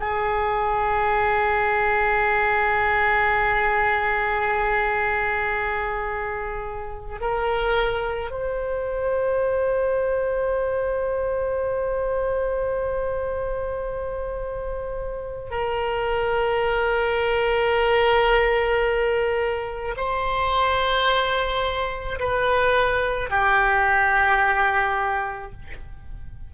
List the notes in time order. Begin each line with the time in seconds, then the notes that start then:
0.00 G#4
7.21 A#4
8.31 C5
15.51 A#4
19.97 C5
22.20 B4
23.30 G4